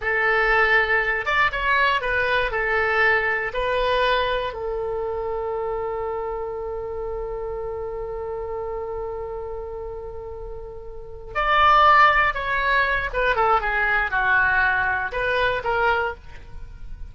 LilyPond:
\new Staff \with { instrumentName = "oboe" } { \time 4/4 \tempo 4 = 119 a'2~ a'8 d''8 cis''4 | b'4 a'2 b'4~ | b'4 a'2.~ | a'1~ |
a'1~ | a'2~ a'8 d''4.~ | d''8 cis''4. b'8 a'8 gis'4 | fis'2 b'4 ais'4 | }